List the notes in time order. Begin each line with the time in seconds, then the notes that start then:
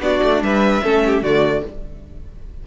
0.00 B3 D4 F#4 D5
0.23 A3
0.42 G3 B4 E5
0.83 A3 C#4 A4
1.06 G4
1.22 D3 A3 F#4 D5